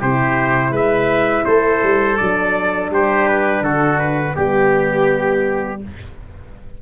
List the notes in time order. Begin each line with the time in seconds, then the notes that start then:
0.00 C3 E4 G4 C5
0.71 G#3 B4 E5
1.45 A3 A4 C5
1.83 G3
2.17 F#3 D4 D5
2.90 G3 G4 C5
3.28 B4
3.62 D3 F#4 A4
3.99 B4
4.35 G3 B3 G4